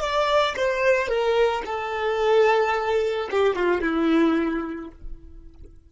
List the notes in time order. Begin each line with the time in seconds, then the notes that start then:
0.00 D5
0.56 C5
1.08 A#4
1.65 A4
3.31 G4
3.56 F4
3.81 E4